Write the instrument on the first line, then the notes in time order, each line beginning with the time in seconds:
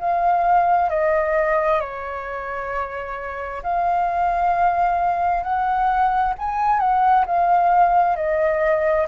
flute
0.00 F5
0.90 D#5
1.81 C#5
3.63 F5
5.43 F#5
6.38 G#5
6.80 F#5
7.26 F5
8.16 D#5